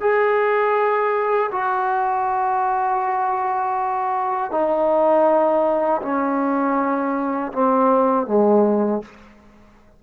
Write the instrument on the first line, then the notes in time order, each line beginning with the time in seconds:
trombone
0.00 G#4
1.51 F#4
4.51 D#4
6.02 C#4
7.52 C4
8.27 G#3